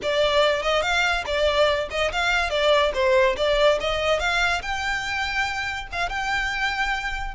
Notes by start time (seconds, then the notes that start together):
0.02 D5
0.62 D#5
0.82 F5
1.26 D5
1.90 D#5
2.12 F5
2.50 D5
2.94 C5
3.37 D5
3.80 D#5
4.19 F5
4.62 G5
5.92 F5
6.09 G5